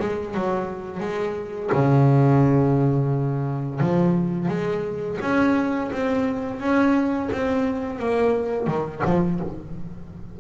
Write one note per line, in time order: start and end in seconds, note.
0.00 0.34 G#3
0.34 1.00 F#3
1.00 1.70 G#3
1.72 3.80 C#3
3.80 4.48 F3
4.48 5.18 G#3
5.21 5.91 C#4
5.92 6.60 C4
6.60 7.30 C#4
7.32 7.99 C4
7.99 8.67 A#3
8.67 9.02 D#3
9.05 9.40 F3